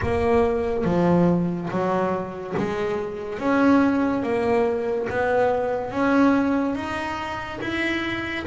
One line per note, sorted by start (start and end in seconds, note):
0.02 0.84 A#3
0.84 1.69 F3
1.70 2.54 F#3
2.57 3.38 G#3
3.38 4.23 C#4
4.23 5.07 A#3
5.09 5.90 B3
5.90 6.75 C#4
6.75 7.59 D#4
7.61 8.45 E4